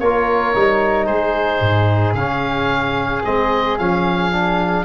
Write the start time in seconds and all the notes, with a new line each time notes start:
0.00 A#3 F4 A#4 C#5
0.55 G3 D#4
1.06 G#3 G#4 C5
1.60 G#2
2.14 C#3 C#4 F5
3.25 G#3 C4 D#5
3.79 F3 C#4 F5
4.32 D4